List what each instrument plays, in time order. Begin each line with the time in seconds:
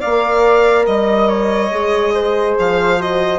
0.00 bassoon A#3, horn A#4, flute D5, violin F5
0.86 bassoon G3, violin D#5, flute D#5
1.28 flute C#5
1.71 bassoon G#3, horn G#4
2.14 flute C5
2.58 bassoon F3, violin F5
2.98 horn F#4, violin D#5